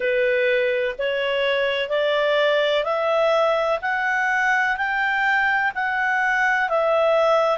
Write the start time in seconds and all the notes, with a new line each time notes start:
0.00 B4
0.98 C#5
1.89 D5
2.84 E5
3.81 F#5
4.76 G5
5.74 F#5
6.69 E5